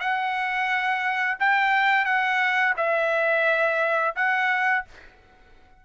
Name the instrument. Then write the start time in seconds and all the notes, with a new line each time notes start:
trumpet
0.00 F#5
1.40 G5
2.05 F#5
2.77 E5
4.16 F#5